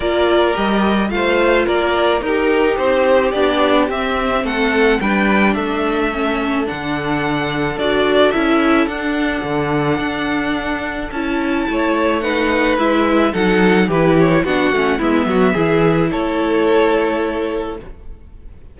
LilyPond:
<<
  \new Staff \with { instrumentName = "violin" } { \time 4/4 \tempo 4 = 108 d''4 dis''4 f''4 d''4 | ais'4 c''4 d''4 e''4 | fis''4 g''4 e''2 | fis''2 d''4 e''4 |
fis''1 | a''2 fis''4 e''4 | fis''4 b'8 cis''8 fis''4 e''4~ | e''4 cis''2. | }
  \new Staff \with { instrumentName = "violin" } { \time 4/4 ais'2 c''4 ais'4 | g'1 | a'4 b'4 a'2~ | a'1~ |
a'1~ | a'4 cis''4 b'2 | a'4 g'4 fis'4 e'8 fis'8 | gis'4 a'2. | }
  \new Staff \with { instrumentName = "viola" } { \time 4/4 f'4 g'4 f'2 | dis'2 d'4 c'4~ | c'4 d'2 cis'4 | d'2 fis'4 e'4 |
d'1 | e'2 dis'4 e'4 | dis'4 e'4 d'8 cis'8 b4 | e'1 | }
  \new Staff \with { instrumentName = "cello" } { \time 4/4 ais4 g4 a4 ais4 | dis'4 c'4 b4 c'4 | a4 g4 a2 | d2 d'4 cis'4 |
d'4 d4 d'2 | cis'4 a2 gis4 | fis4 e4 b8 a8 gis8 fis8 | e4 a2. | }
>>